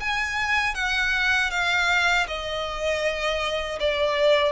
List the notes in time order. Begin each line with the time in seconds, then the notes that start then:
0.00 G#5
0.75 F#5
1.51 F5
2.28 D#5
3.80 D5